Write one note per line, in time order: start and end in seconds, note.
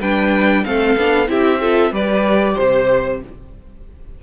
0.00 0.64 G3
0.00 0.65 D4
0.00 0.64 B4
0.00 0.65 G5
0.65 0.97 A3
0.65 0.97 C4
0.65 1.31 A4
0.65 1.29 F5
0.97 1.29 B3
0.97 1.27 D4
1.27 1.92 C4
1.27 1.59 E4
1.27 1.61 G4
1.27 1.95 E5
1.61 1.92 F4
1.61 1.93 A4
1.92 2.56 G3
1.92 3.20 G4
1.92 2.55 B4
1.92 2.58 D5
2.55 3.24 C3
2.55 3.18 C5
2.55 3.22 C5